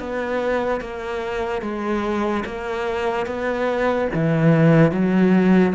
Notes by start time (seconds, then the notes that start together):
0.00 B3
0.81 A#3
1.62 G#3
2.46 A#3
3.27 B3
4.14 E3
4.92 F#3